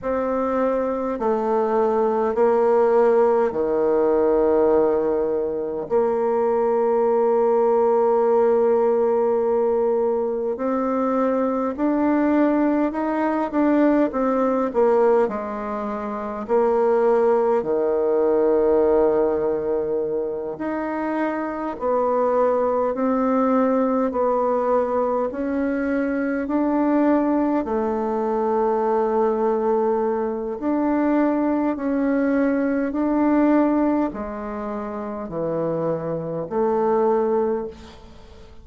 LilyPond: \new Staff \with { instrumentName = "bassoon" } { \time 4/4 \tempo 4 = 51 c'4 a4 ais4 dis4~ | dis4 ais2.~ | ais4 c'4 d'4 dis'8 d'8 | c'8 ais8 gis4 ais4 dis4~ |
dis4. dis'4 b4 c'8~ | c'8 b4 cis'4 d'4 a8~ | a2 d'4 cis'4 | d'4 gis4 e4 a4 | }